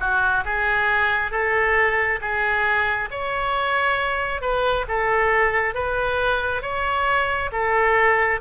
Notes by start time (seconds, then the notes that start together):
0.00 F#4
0.45 G#4
1.31 A4
2.21 G#4
3.11 C#5
4.41 B4
4.88 A4
5.74 B4
6.62 C#5
7.52 A4